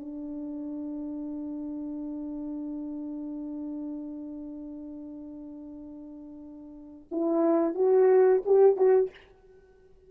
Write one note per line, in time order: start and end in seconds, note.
0.00 7.08 D4
7.11 7.74 E4
7.74 8.42 F#4
8.45 8.76 G4
8.76 9.10 F#4